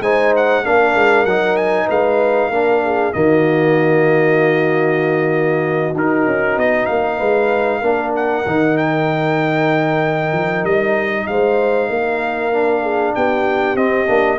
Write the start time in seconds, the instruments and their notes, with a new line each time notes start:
0.00 tuba G#3, trombone D#4, horn C5, trumpet G#5
0.36 trumpet F#5
0.64 tuba A#3, trombone D4, horn A#4, trumpet F5
0.95 tuba G#3
1.25 tuba F#3, trombone D#4, trumpet F#5
1.56 trumpet G#5
1.86 tuba G#3, horn B4, trumpet F5
2.49 tuba A#3, trombone D4, horn A#4
2.83 horn G#4
3.13 tuba D#3, trombone A#3, horn F#4, trumpet D#5
5.94 tuba D#4, trombone D#4, trumpet A#4
6.26 tuba C#4
6.57 tuba B3, trumpet D#5
6.86 tuba A#3, trumpet F5
7.17 tuba G#3, horn B4
7.80 tuba A#3, trombone D4, horn A#4
8.16 trumpet F#5
8.46 tuba D#3, trombone D#4
8.77 trumpet G5
10.32 tuba F3
10.63 tuba G3, trumpet D#5
11.27 tuba G#3, horn C5, trumpet F5
11.89 tuba A#3, horn A#4
12.52 trombone D4
12.82 horn G#4
13.15 tuba B3, horn G4, trumpet G5
13.75 tuba C4, trombone C4, trumpet D#5
14.06 tuba A#3, trombone D4